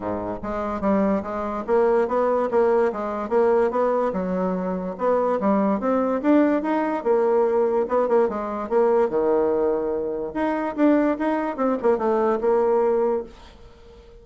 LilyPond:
\new Staff \with { instrumentName = "bassoon" } { \time 4/4 \tempo 4 = 145 gis,4 gis4 g4 gis4 | ais4 b4 ais4 gis4 | ais4 b4 fis2 | b4 g4 c'4 d'4 |
dis'4 ais2 b8 ais8 | gis4 ais4 dis2~ | dis4 dis'4 d'4 dis'4 | c'8 ais8 a4 ais2 | }